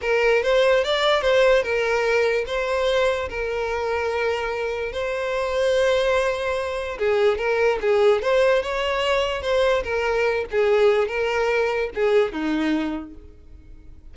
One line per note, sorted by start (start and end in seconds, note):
0.01 0.42 A#4
0.42 0.83 C5
0.83 1.21 D5
1.21 1.62 C5
1.62 2.45 A#4
2.46 3.28 C5
3.29 4.92 A#4
4.92 6.98 C5
6.98 7.37 G#4
7.37 7.79 A#4
7.81 8.22 G#4
8.22 8.62 C5
8.62 9.42 C#5
9.42 9.83 C5
9.83 10.45 A#4
10.51 11.08 G#4
11.08 11.90 A#4
11.94 12.32 G#4
12.32 13.14 D#4